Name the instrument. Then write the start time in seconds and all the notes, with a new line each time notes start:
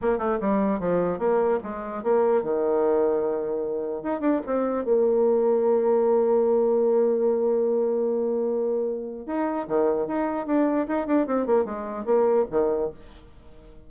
bassoon
0.01 A#3
0.18 A3
0.40 G3
0.79 F3
1.19 A#3
1.63 G#3
2.03 A#3
2.43 D#3
4.03 D#4
4.20 D4
4.46 C4
4.84 A#3
9.26 D#4
9.67 D#3
10.07 D#4
10.46 D4
10.87 D#4
11.06 D4
11.26 C4
11.46 A#3
11.64 G#3
12.05 A#3
12.50 D#3